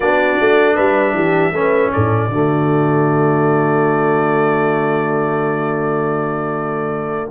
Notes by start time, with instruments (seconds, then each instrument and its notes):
0.00 tuba B3, trombone D4, horn F#4, trumpet D5
0.39 tuba A3
0.74 tuba G3, horn B4, trumpet E5
1.13 tuba E3, horn G4
1.52 tuba A3, trombone C#4, horn B4
1.92 tuba A2, horn A4, trumpet D5
2.29 tuba D3, trombone A3, horn F#4